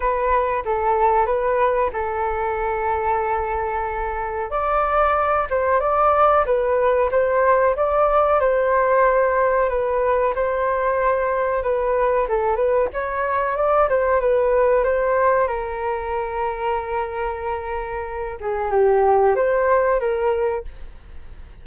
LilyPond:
\new Staff \with { instrumentName = "flute" } { \time 4/4 \tempo 4 = 93 b'4 a'4 b'4 a'4~ | a'2. d''4~ | d''8 c''8 d''4 b'4 c''4 | d''4 c''2 b'4 |
c''2 b'4 a'8 b'8 | cis''4 d''8 c''8 b'4 c''4 | ais'1~ | ais'8 gis'8 g'4 c''4 ais'4 | }